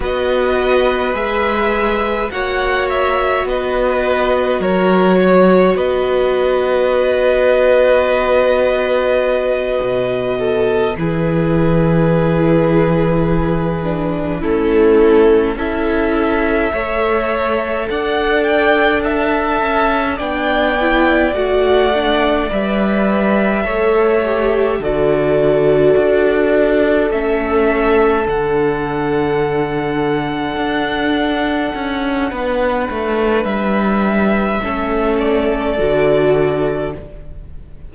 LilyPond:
<<
  \new Staff \with { instrumentName = "violin" } { \time 4/4 \tempo 4 = 52 dis''4 e''4 fis''8 e''8 dis''4 | cis''4 dis''2.~ | dis''4. b'2~ b'8~ | b'8 a'4 e''2 fis''8 |
g''8 a''4 g''4 fis''4 e''8~ | e''4. d''2 e''8~ | e''8 fis''2.~ fis''8~ | fis''4 e''4. d''4. | }
  \new Staff \with { instrumentName = "violin" } { \time 4/4 b'2 cis''4 b'4 | ais'8 cis''8 b'2.~ | b'4 a'8 gis'2~ gis'8~ | gis'8 e'4 a'4 cis''4 d''8~ |
d''8 e''4 d''2~ d''8~ | d''8 cis''4 a'2~ a'8~ | a'1 | b'2 a'2 | }
  \new Staff \with { instrumentName = "viola" } { \time 4/4 fis'4 gis'4 fis'2~ | fis'1~ | fis'4. e'2~ e'8 | d'8 cis'4 e'4 a'4.~ |
a'4. d'8 e'8 fis'8 d'8 b'8~ | b'8 a'8 g'8 fis'2 cis'8~ | cis'8 d'2.~ d'8~ | d'2 cis'4 fis'4 | }
  \new Staff \with { instrumentName = "cello" } { \time 4/4 b4 gis4 ais4 b4 | fis4 b2.~ | b8 b,4 e2~ e8~ | e8 a4 cis'4 a4 d'8~ |
d'4 cis'8 b4 a4 g8~ | g8 a4 d4 d'4 a8~ | a8 d2 d'4 cis'8 | b8 a8 g4 a4 d4 | }
>>